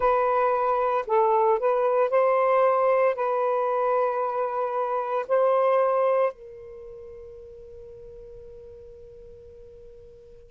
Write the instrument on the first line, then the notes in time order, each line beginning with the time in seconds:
saxophone
0.00 B4
1.07 A4
1.59 B4
2.10 C5
3.15 B4
5.27 C5
6.32 A#4